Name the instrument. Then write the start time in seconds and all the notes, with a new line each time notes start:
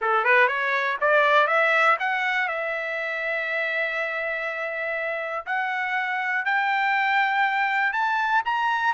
trumpet
0.01 A4
0.24 B4
0.47 C#5
1.01 D5
1.47 E5
1.99 F#5
2.48 E5
5.45 F#5
6.45 G5
7.92 A5
8.45 A#5